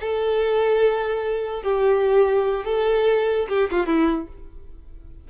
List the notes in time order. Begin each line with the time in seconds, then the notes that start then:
0.00 A4
1.62 G4
2.65 A4
3.49 G4
3.71 F4
3.86 E4